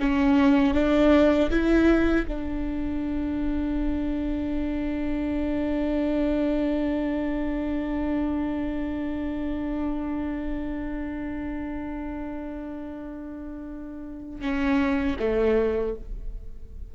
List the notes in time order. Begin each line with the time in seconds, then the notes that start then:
0.00 C#4
0.75 D4
1.51 E4
2.28 D4
14.41 C#4
15.20 A3